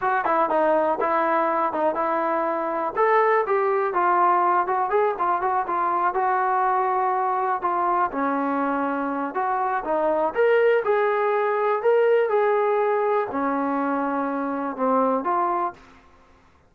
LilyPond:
\new Staff \with { instrumentName = "trombone" } { \time 4/4 \tempo 4 = 122 fis'8 e'8 dis'4 e'4. dis'8 | e'2 a'4 g'4 | f'4. fis'8 gis'8 f'8 fis'8 f'8~ | f'8 fis'2. f'8~ |
f'8 cis'2~ cis'8 fis'4 | dis'4 ais'4 gis'2 | ais'4 gis'2 cis'4~ | cis'2 c'4 f'4 | }